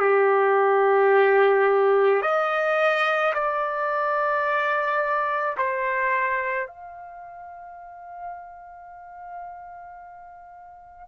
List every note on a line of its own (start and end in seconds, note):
0.00 2.22 G4
2.22 3.33 D#5
3.34 5.56 D5
5.58 6.67 C5
6.67 11.08 F5